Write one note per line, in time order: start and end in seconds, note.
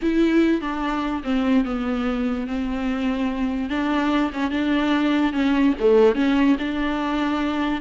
0.02 0.61 E4
0.61 1.23 D4
1.23 1.64 C4
1.64 2.47 B3
2.47 3.69 C4
3.69 4.31 D4
4.33 4.51 C#4
4.51 5.32 D4
5.32 5.73 C#4
5.79 6.15 A3
6.15 6.56 C#4
6.59 7.81 D4